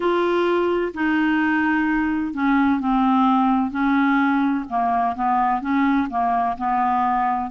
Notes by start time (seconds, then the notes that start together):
0.00 F4
0.94 D#4
2.33 C#4
2.80 C4
3.70 C#4
4.69 A#3
5.15 B3
5.61 C#4
6.09 A#3
6.57 B3